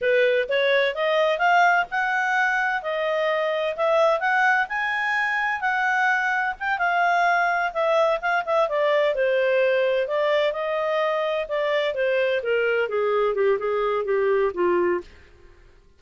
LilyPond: \new Staff \with { instrumentName = "clarinet" } { \time 4/4 \tempo 4 = 128 b'4 cis''4 dis''4 f''4 | fis''2 dis''2 | e''4 fis''4 gis''2 | fis''2 g''8 f''4.~ |
f''8 e''4 f''8 e''8 d''4 c''8~ | c''4. d''4 dis''4.~ | dis''8 d''4 c''4 ais'4 gis'8~ | gis'8 g'8 gis'4 g'4 f'4 | }